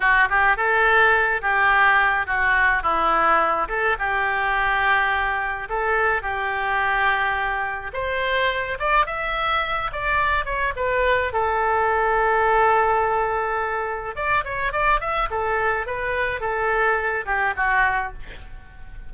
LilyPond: \new Staff \with { instrumentName = "oboe" } { \time 4/4 \tempo 4 = 106 fis'8 g'8 a'4. g'4. | fis'4 e'4. a'8 g'4~ | g'2 a'4 g'4~ | g'2 c''4. d''8 |
e''4. d''4 cis''8 b'4 | a'1~ | a'4 d''8 cis''8 d''8 e''8 a'4 | b'4 a'4. g'8 fis'4 | }